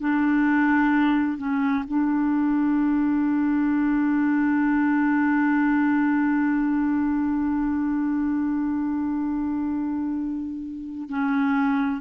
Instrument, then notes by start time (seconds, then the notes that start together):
clarinet
0.00 D4
1.38 C#4
1.88 D4
11.09 C#4